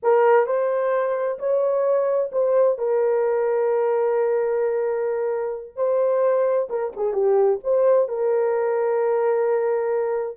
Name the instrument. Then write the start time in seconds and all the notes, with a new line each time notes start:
horn
0.02 A#4
0.46 C5
1.38 C#5
2.32 C5
2.78 A#4
5.76 C5
6.69 A#4
6.96 G#4
7.13 G4
7.63 C5
8.08 A#4